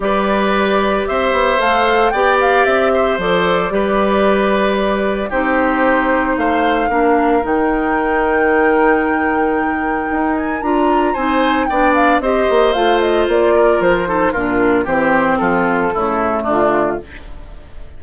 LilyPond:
<<
  \new Staff \with { instrumentName = "flute" } { \time 4/4 \tempo 4 = 113 d''2 e''4 f''4 | g''8 f''8 e''4 d''2~ | d''2 c''2 | f''2 g''2~ |
g''2.~ g''8 gis''8 | ais''4 gis''4 g''8 f''8 dis''4 | f''8 dis''8 d''4 c''4 ais'4 | c''4 a'2 f'4 | }
  \new Staff \with { instrumentName = "oboe" } { \time 4/4 b'2 c''2 | d''4. c''4. b'4~ | b'2 g'2 | c''4 ais'2.~ |
ais'1~ | ais'4 c''4 d''4 c''4~ | c''4. ais'4 a'8 f'4 | g'4 f'4 e'4 d'4 | }
  \new Staff \with { instrumentName = "clarinet" } { \time 4/4 g'2. a'4 | g'2 a'4 g'4~ | g'2 dis'2~ | dis'4 d'4 dis'2~ |
dis'1 | f'4 dis'4 d'4 g'4 | f'2~ f'8 dis'8 d'4 | c'2 a2 | }
  \new Staff \with { instrumentName = "bassoon" } { \time 4/4 g2 c'8 b8 a4 | b4 c'4 f4 g4~ | g2 c'2 | a4 ais4 dis2~ |
dis2. dis'4 | d'4 c'4 b4 c'8 ais8 | a4 ais4 f4 ais,4 | e4 f4 cis4 d4 | }
>>